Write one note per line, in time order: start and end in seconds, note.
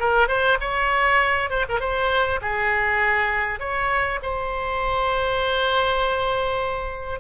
0.00 0.28 A#4
0.28 0.58 C5
0.61 1.50 C#5
1.50 1.65 C5
1.69 1.80 A#4
1.80 2.40 C5
2.42 3.60 G#4
3.60 4.20 C#5
4.22 7.20 C5